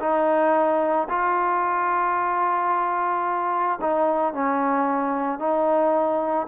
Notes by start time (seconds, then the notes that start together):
0.00 D#4
1.09 F4
3.81 D#4
4.33 C#4
5.39 D#4